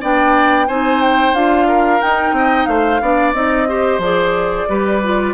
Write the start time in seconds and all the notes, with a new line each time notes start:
0.00 B3 D4 D5 G5
0.67 C4 D#4 C5 G#5
1.01 G5
1.33 D4 F4 F5
1.68 A#4
2.00 D#4 G5
2.32 C4 D#5
2.66 A3 C5 F5
3.01 B3 D4 D5
3.33 C4 D#4 D#5
3.68 G4 C5
3.98 F3 G#4 D5
4.69 G3 G4 B4
5.03 F4